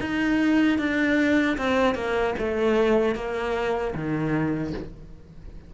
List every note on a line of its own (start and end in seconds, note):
0.00 0.79 D#4
0.79 1.58 D4
1.58 1.95 C4
1.95 2.34 A#3
2.39 3.15 A3
3.15 3.94 A#3
3.95 4.74 D#3